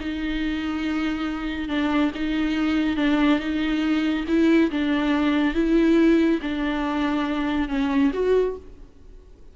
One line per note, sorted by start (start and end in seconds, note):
0.00 1.69 D#4
1.69 2.11 D4
2.14 2.96 D#4
2.96 3.39 D4
3.39 4.25 D#4
4.28 4.71 E4
4.71 5.54 D4
5.54 6.40 E4
6.42 7.69 D4
7.69 8.12 C#4
8.13 8.56 F#4